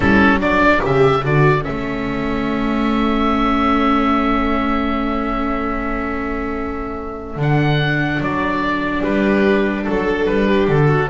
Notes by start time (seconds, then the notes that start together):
0.00 G3 C#4 E4 A4
0.39 F#3 D4 A4 D5
0.80 C#3 G4 E5
1.23 D3 F#4 D5
1.62 A3 C#4 E5
7.36 D3 D4 F#5
8.19 F#3 D5
9.03 G3 G4 B4
9.84 F#3 A4
10.26 G3 B4
10.47 G4
10.67 D3 A4
10.88 F#4